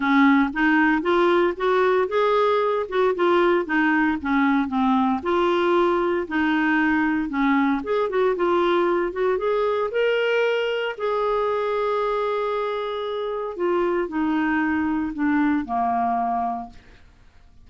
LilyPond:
\new Staff \with { instrumentName = "clarinet" } { \time 4/4 \tempo 4 = 115 cis'4 dis'4 f'4 fis'4 | gis'4. fis'8 f'4 dis'4 | cis'4 c'4 f'2 | dis'2 cis'4 gis'8 fis'8 |
f'4. fis'8 gis'4 ais'4~ | ais'4 gis'2.~ | gis'2 f'4 dis'4~ | dis'4 d'4 ais2 | }